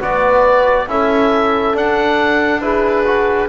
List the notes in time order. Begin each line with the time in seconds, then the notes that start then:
0.00 B3 F#4 B4 D5
0.88 C#4 E4 A4 E5
1.74 D4 F#5
2.61 E4 G#4 B4
3.06 F#4